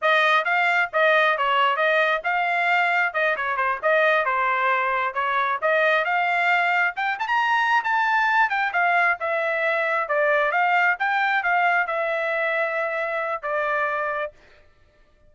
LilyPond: \new Staff \with { instrumentName = "trumpet" } { \time 4/4 \tempo 4 = 134 dis''4 f''4 dis''4 cis''4 | dis''4 f''2 dis''8 cis''8 | c''8 dis''4 c''2 cis''8~ | cis''8 dis''4 f''2 g''8 |
a''16 ais''4~ ais''16 a''4. g''8 f''8~ | f''8 e''2 d''4 f''8~ | f''8 g''4 f''4 e''4.~ | e''2 d''2 | }